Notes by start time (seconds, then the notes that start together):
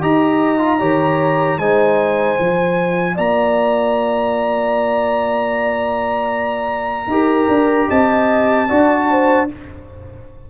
0.00 D#4 G4 D#5 A#5
0.58 F4
0.79 D#3 G4 C#5
1.58 G#3 D#4 C5 G#5
2.37 F3 F4
3.14 A#3 D5 A#5
7.07 D#4 G4 A#4
7.48 D4
7.87 C4 D#5 A5
8.67 D4 F#4 D5
9.10 C5